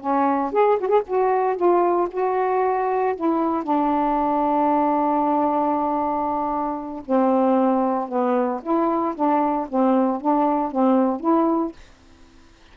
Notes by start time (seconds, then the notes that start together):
0.00 C#4
0.52 G#4
0.80 F#4
0.88 G#4
1.06 F#4
1.56 F4
2.11 F#4
3.16 E4
3.63 D4
7.05 C4
8.08 B3
8.62 E4
9.15 D4
9.69 C4
10.21 D4
10.71 C4
11.20 E4